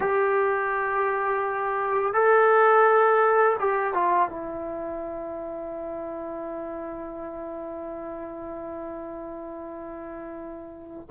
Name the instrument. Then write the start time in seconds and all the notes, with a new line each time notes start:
trombone
0.00 G4
2.13 A4
3.59 G4
3.94 F4
4.28 E4